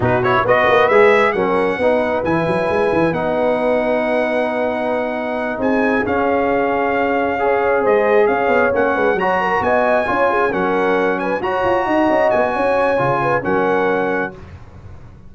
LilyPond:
<<
  \new Staff \with { instrumentName = "trumpet" } { \time 4/4 \tempo 4 = 134 b'8 cis''8 dis''4 e''4 fis''4~ | fis''4 gis''2 fis''4~ | fis''1~ | fis''8 gis''4 f''2~ f''8~ |
f''4. dis''4 f''4 fis''8~ | fis''8 ais''4 gis''2 fis''8~ | fis''4 gis''8 ais''2 gis''8~ | gis''2 fis''2 | }
  \new Staff \with { instrumentName = "horn" } { \time 4/4 fis'4 b'2 ais'4 | b'1~ | b'1~ | b'8 gis'2.~ gis'8~ |
gis'8 cis''4 c''4 cis''4. | b'8 cis''8 ais'8 dis''4 cis''8 gis'8 ais'8~ | ais'4 b'8 cis''4 dis''4. | cis''4. b'8 ais'2 | }
  \new Staff \with { instrumentName = "trombone" } { \time 4/4 dis'8 e'8 fis'4 gis'4 cis'4 | dis'4 e'2 dis'4~ | dis'1~ | dis'4. cis'2~ cis'8~ |
cis'8 gis'2. cis'8~ | cis'8 fis'2 f'4 cis'8~ | cis'4. fis'2~ fis'8~ | fis'4 f'4 cis'2 | }
  \new Staff \with { instrumentName = "tuba" } { \time 4/4 b,4 b8 ais8 gis4 fis4 | b4 e8 fis8 gis8 e8 b4~ | b1~ | b8 c'4 cis'2~ cis'8~ |
cis'4. gis4 cis'8 b8 ais8 | gis8 fis4 b4 cis'4 fis8~ | fis4. fis'8 f'8 dis'8 cis'8 b8 | cis'4 cis4 fis2 | }
>>